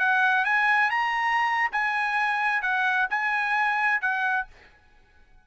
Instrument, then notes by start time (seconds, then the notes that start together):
trumpet
0.00 F#5
0.45 G#5
0.91 A#5
1.72 G#5
2.62 F#5
3.10 G#5
4.02 F#5